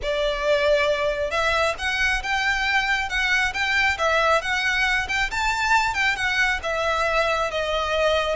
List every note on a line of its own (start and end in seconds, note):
0.02 1.30 D5
1.30 1.74 E5
1.78 2.22 F#5
2.23 3.09 G5
3.09 3.53 F#5
3.53 3.97 G5
3.98 4.41 E5
4.41 5.07 F#5
5.08 5.30 G5
5.30 5.93 A5
5.93 6.15 G5
6.16 6.60 F#5
6.63 7.50 E5
7.50 8.35 D#5